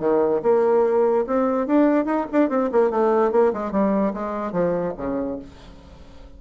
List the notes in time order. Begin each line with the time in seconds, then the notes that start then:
0.00 D#3
0.43 A#3
1.27 C4
1.67 D4
2.06 D#4
2.32 D4
2.50 C4
2.72 A#3
2.91 A3
3.32 A#3
3.54 G#3
3.72 G3
4.14 G#3
4.52 F3
4.98 C#3